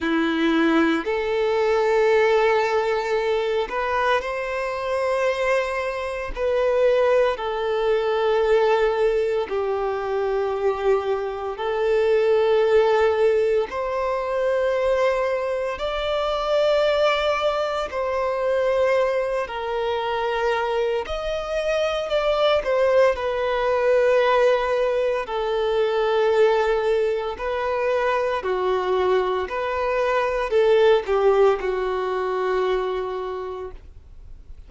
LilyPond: \new Staff \with { instrumentName = "violin" } { \time 4/4 \tempo 4 = 57 e'4 a'2~ a'8 b'8 | c''2 b'4 a'4~ | a'4 g'2 a'4~ | a'4 c''2 d''4~ |
d''4 c''4. ais'4. | dis''4 d''8 c''8 b'2 | a'2 b'4 fis'4 | b'4 a'8 g'8 fis'2 | }